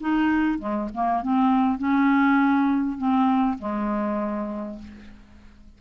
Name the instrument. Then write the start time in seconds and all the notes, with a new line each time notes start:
clarinet
0.00 D#4
0.59 G#3
0.94 A#3
1.22 C4
1.78 C#4
2.98 C4
3.59 G#3